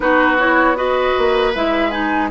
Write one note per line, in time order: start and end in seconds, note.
0.00 1.13 B3
0.00 0.36 D#4
0.00 0.77 F#4
0.00 0.37 B4
0.38 0.75 E4
0.38 0.76 C#5
0.75 1.52 F#4
0.75 2.30 B4
0.75 1.53 D#5
1.17 1.55 A#3
1.55 2.30 G#3
1.55 1.91 E4
1.55 1.90 E5
1.90 2.29 D#4
1.90 2.29 G#5